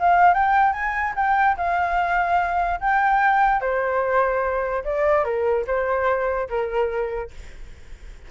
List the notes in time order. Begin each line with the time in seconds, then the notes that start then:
0.00 F5
0.34 G5
0.73 G#5
1.16 G5
1.58 F5
2.81 G5
3.61 C5
4.84 D5
5.25 A#4
5.67 C5
6.49 A#4